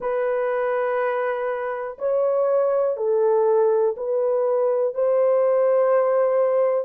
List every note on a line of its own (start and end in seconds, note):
0.00 1.97 B4
1.98 2.96 C#5
2.96 3.95 A4
3.96 4.94 B4
4.94 6.85 C5